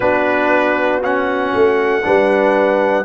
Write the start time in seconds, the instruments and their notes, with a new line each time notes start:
0.00 tuba B3, trombone D4, horn F#4, trumpet B4
1.03 trombone C#4, trumpet F#5
1.53 tuba A3
2.02 tuba G3, trombone D4, horn B4